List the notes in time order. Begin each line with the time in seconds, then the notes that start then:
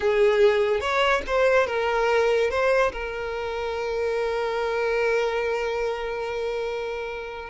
0.00 G#4
0.80 C#5
1.26 C5
1.66 A#4
2.50 C5
2.92 A#4